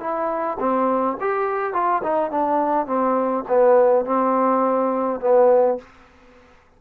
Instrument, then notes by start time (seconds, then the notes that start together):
trombone
0.00 E4
0.60 C4
1.20 G4
1.73 F4
2.03 D#4
2.31 D4
2.86 C4
3.49 B3
4.05 C4
5.21 B3